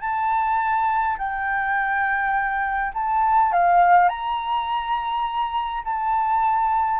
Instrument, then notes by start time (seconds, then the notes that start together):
flute
0.00 A5
1.18 G5
2.94 A5
3.52 F5
4.09 A#5
5.84 A5